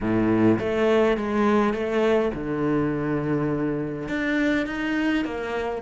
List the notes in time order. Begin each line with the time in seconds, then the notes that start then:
0.00 A2
0.59 A3
1.17 G#3
1.73 A3
2.34 D3
4.08 D4
4.66 D#4
5.25 A#3